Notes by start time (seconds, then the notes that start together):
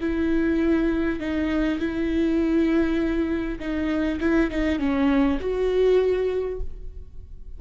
0.00 E4
1.19 D#4
1.79 E4
3.59 D#4
4.20 E4
4.51 D#4
4.79 C#4
5.40 F#4